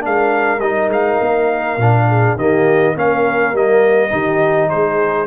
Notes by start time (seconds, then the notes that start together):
0.00 G#3 D4 A#4 F5
0.59 G3 D#4 D#5
0.88 G#3 F5
1.21 A#3
1.77 A#2 D4
2.07 G#4
2.36 D#3 A#3 G4 D#5
2.95 A#3 C#4 A#4 F5
3.53 G3 A#3 D#5
4.10 D#3 D#4 G4
4.69 G#3 G#4 C5